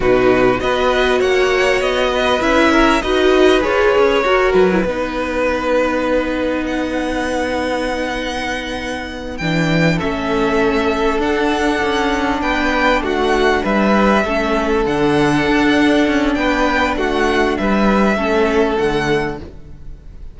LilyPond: <<
  \new Staff \with { instrumentName = "violin" } { \time 4/4 \tempo 4 = 99 b'4 dis''4 fis''4 dis''4 | e''4 dis''4 cis''4. b'8~ | b'2. fis''4~ | fis''2.~ fis''8 g''8~ |
g''8 e''2 fis''4.~ | fis''8 g''4 fis''4 e''4.~ | e''8 fis''2~ fis''8 g''4 | fis''4 e''2 fis''4 | }
  \new Staff \with { instrumentName = "violin" } { \time 4/4 fis'4 b'4 cis''4. b'8~ | b'8 ais'8 b'2 ais'4 | b'1~ | b'1~ |
b'8 a'2.~ a'8~ | a'8 b'4 fis'4 b'4 a'8~ | a'2. b'4 | fis'4 b'4 a'2 | }
  \new Staff \with { instrumentName = "viola" } { \time 4/4 dis'4 fis'2. | e'4 fis'4 gis'4 fis'8. e'16 | dis'1~ | dis'2.~ dis'8 d'8~ |
d'8 cis'2 d'4.~ | d'2.~ d'8 cis'8~ | cis'8 d'2.~ d'8~ | d'2 cis'4 a4 | }
  \new Staff \with { instrumentName = "cello" } { \time 4/4 b,4 b4 ais4 b4 | cis'4 dis'4 f'8 cis'8 fis'8 fis8 | b1~ | b2.~ b8 e8~ |
e8 a2 d'4 cis'8~ | cis'8 b4 a4 g4 a8~ | a8 d4 d'4 cis'8 b4 | a4 g4 a4 d4 | }
>>